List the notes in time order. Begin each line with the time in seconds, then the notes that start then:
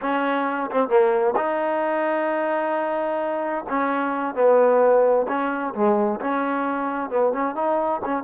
0.01 C#4
0.70 C4
0.88 A#3
1.36 D#4
3.69 C#4
4.34 B3
5.28 C#4
5.74 G#3
6.20 C#4
7.10 B3
7.33 C#4
7.55 D#4
8.04 C#4